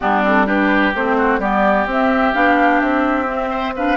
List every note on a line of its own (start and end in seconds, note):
0.00 0.94 G3
0.00 0.23 B3
0.00 0.46 D4
0.00 0.24 G4
0.23 0.46 C4
0.23 0.47 A4
0.46 0.92 D4
0.46 1.17 G4
0.46 0.94 B4
0.94 1.39 A3
0.94 1.41 C4
0.94 1.40 C5
1.17 1.40 F#4
1.39 1.85 G3
1.39 1.88 B3
1.39 3.50 G4
1.39 1.87 D5
1.86 2.32 C4
1.86 2.34 C4
1.86 2.34 E5
2.34 2.81 B3
2.34 3.26 D4
2.34 2.80 F5
2.80 3.97 C4
2.80 3.74 E5
3.26 3.73 C4
3.50 3.73 C5
3.76 3.97 D4
3.76 3.97 B4
3.76 3.97 F5